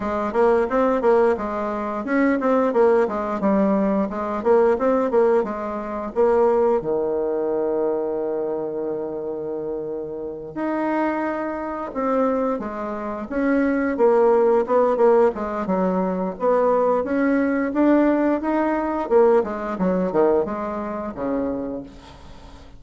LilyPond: \new Staff \with { instrumentName = "bassoon" } { \time 4/4 \tempo 4 = 88 gis8 ais8 c'8 ais8 gis4 cis'8 c'8 | ais8 gis8 g4 gis8 ais8 c'8 ais8 | gis4 ais4 dis2~ | dis2.~ dis8 dis'8~ |
dis'4. c'4 gis4 cis'8~ | cis'8 ais4 b8 ais8 gis8 fis4 | b4 cis'4 d'4 dis'4 | ais8 gis8 fis8 dis8 gis4 cis4 | }